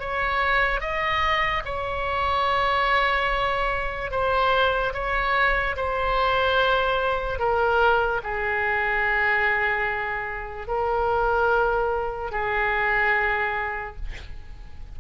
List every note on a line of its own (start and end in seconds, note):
0.00 0.80 C#5
0.80 1.63 D#5
1.65 4.11 C#5
4.11 4.93 C5
4.94 5.76 C#5
5.76 7.39 C5
7.39 8.21 A#4
8.23 10.68 G#4
10.68 12.31 A#4
12.31 13.96 G#4